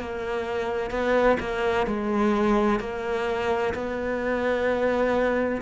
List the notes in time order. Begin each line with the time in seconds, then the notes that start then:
0.00 A#3
0.91 B3
1.40 A#3
1.87 G#3
2.80 A#3
3.74 B3